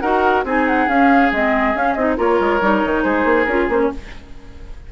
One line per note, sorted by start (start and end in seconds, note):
0.00 0.44 D#4
0.00 0.46 F#4
0.00 0.44 A#4
0.00 0.43 F#5
0.44 0.87 C4
0.44 0.89 D#4
0.44 2.17 G#4
0.44 0.67 G#5
0.67 0.88 F#5
0.88 1.31 C#4
0.88 1.32 C#4
0.88 1.31 F5
1.32 1.75 G#3
1.32 1.75 C4
1.32 1.76 D#5
1.75 1.96 C#4
1.75 1.93 F5
1.93 2.17 C4
1.93 2.16 D#4
1.93 2.14 D#5
2.16 2.40 A#3
2.16 2.60 F4
2.16 3.03 A#4
2.16 3.03 C#5
2.40 2.61 G#3
2.61 2.83 G3
2.61 3.48 D#4
2.85 3.05 D#3
3.03 3.25 G#3
3.03 3.90 G#4
3.03 3.44 C5
3.25 3.46 A#3
3.44 3.68 C#4
3.44 3.71 F4
3.44 3.65 A#4
3.68 3.90 A#3
3.68 3.92 C#4
3.68 3.81 C5
3.81 3.92 C#5